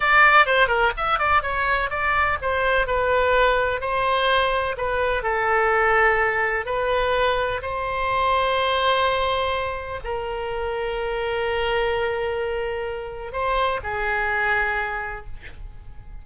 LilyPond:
\new Staff \with { instrumentName = "oboe" } { \time 4/4 \tempo 4 = 126 d''4 c''8 ais'8 e''8 d''8 cis''4 | d''4 c''4 b'2 | c''2 b'4 a'4~ | a'2 b'2 |
c''1~ | c''4 ais'2.~ | ais'1 | c''4 gis'2. | }